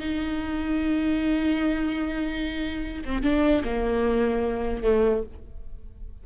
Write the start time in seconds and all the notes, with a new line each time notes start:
0.00 D#4
3.05 C4
3.23 D4
3.64 A#3
4.83 A3